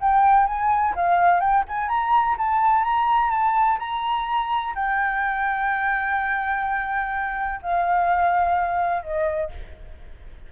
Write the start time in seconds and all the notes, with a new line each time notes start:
0.00 G5
0.47 G#5
0.95 F5
1.40 G5
1.68 G#5
1.88 A#5
2.37 A5
2.84 A#5
3.31 A5
3.79 A#5
4.75 G5
7.62 F5
9.03 D#5